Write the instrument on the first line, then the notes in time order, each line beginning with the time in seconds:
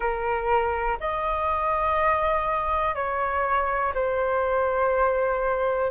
flute
0.00 A#4
1.00 D#5
2.94 C#5
3.94 C5